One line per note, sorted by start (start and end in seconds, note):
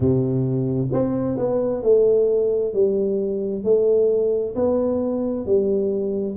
0.00 0.88 C3
0.92 1.37 C4
1.37 1.83 B3
1.83 2.73 A3
2.73 3.64 G3
3.64 4.55 A3
4.55 5.45 B3
5.45 6.36 G3